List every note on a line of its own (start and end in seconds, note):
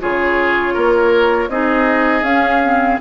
0.00 0.76 C#3
0.00 1.50 F4
0.00 0.74 G#4
0.00 1.50 C#5
0.74 1.49 A#3
0.74 1.49 A#4
1.49 2.23 C4
1.49 2.24 D#4
1.49 3.01 G#4
1.49 2.24 D#5
2.23 2.98 C#4
2.23 2.61 C#4
2.23 2.99 F5
2.63 3.01 C4